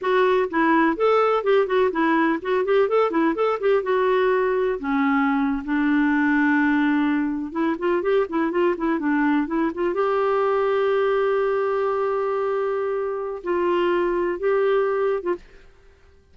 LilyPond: \new Staff \with { instrumentName = "clarinet" } { \time 4/4 \tempo 4 = 125 fis'4 e'4 a'4 g'8 fis'8 | e'4 fis'8 g'8 a'8 e'8 a'8 g'8 | fis'2 cis'4.~ cis'16 d'16~ | d'2.~ d'8. e'16~ |
e'16 f'8 g'8 e'8 f'8 e'8 d'4 e'16~ | e'16 f'8 g'2.~ g'16~ | g'1 | f'2 g'4.~ g'16 f'16 | }